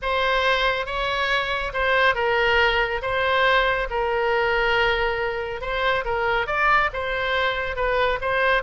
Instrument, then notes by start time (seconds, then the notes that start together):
oboe
0.01 C5
0.86 C#5
1.73 C5
2.14 A#4
3.01 C5
3.89 A#4
5.61 C5
6.04 A#4
6.46 D5
6.93 C5
7.76 B4
8.21 C5